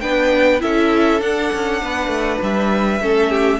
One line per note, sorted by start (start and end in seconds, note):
0.00 0.62 B3
0.00 0.59 D4
0.00 0.62 B4
0.00 0.60 G5
0.59 1.21 C#4
0.59 1.19 E4
0.59 1.82 A4
0.59 1.21 E5
1.19 2.99 D4
1.19 1.51 D4
1.19 2.41 F#5
1.53 1.82 C#4
1.82 2.07 B3
1.82 3.02 B4
2.07 2.37 A3
2.42 3.00 G3
2.42 3.59 E5
3.00 3.59 A3
3.00 3.59 C#4
3.00 3.29 A4
3.29 3.59 G4